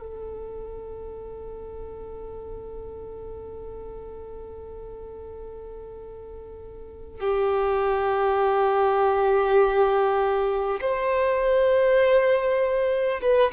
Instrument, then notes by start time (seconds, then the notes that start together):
violin
0.00 A4
7.21 G4
10.81 C5
13.22 B4